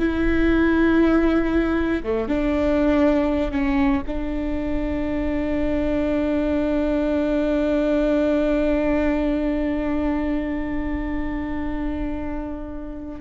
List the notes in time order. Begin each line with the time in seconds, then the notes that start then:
0.00 E4
2.04 A3
2.28 D4
3.52 C#4
4.08 D4